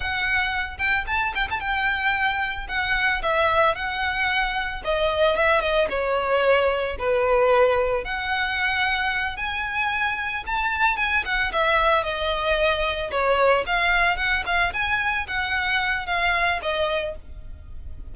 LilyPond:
\new Staff \with { instrumentName = "violin" } { \time 4/4 \tempo 4 = 112 fis''4. g''8 a''8 g''16 a''16 g''4~ | g''4 fis''4 e''4 fis''4~ | fis''4 dis''4 e''8 dis''8 cis''4~ | cis''4 b'2 fis''4~ |
fis''4. gis''2 a''8~ | a''8 gis''8 fis''8 e''4 dis''4.~ | dis''8 cis''4 f''4 fis''8 f''8 gis''8~ | gis''8 fis''4. f''4 dis''4 | }